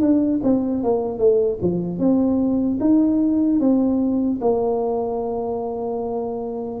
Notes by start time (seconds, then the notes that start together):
0.00 D4
0.43 C4
0.83 A#3
1.18 A3
1.61 F3
1.98 C4
2.80 D#4
3.60 C4
4.41 A#3